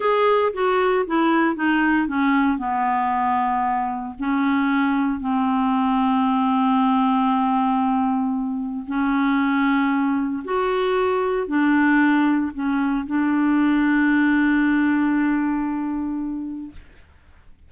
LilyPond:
\new Staff \with { instrumentName = "clarinet" } { \time 4/4 \tempo 4 = 115 gis'4 fis'4 e'4 dis'4 | cis'4 b2. | cis'2 c'2~ | c'1~ |
c'4 cis'2. | fis'2 d'2 | cis'4 d'2.~ | d'1 | }